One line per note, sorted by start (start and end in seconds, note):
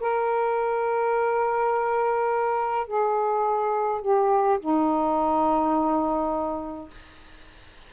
0.00 2.87 A#4
2.87 4.02 G#4
4.02 4.59 G4
4.60 6.91 D#4